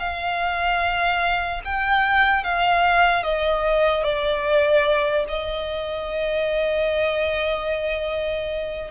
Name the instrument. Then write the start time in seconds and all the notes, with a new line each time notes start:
violin
0.00 F5
1.65 G5
2.44 F5
3.24 D#5
4.04 D5
5.29 D#5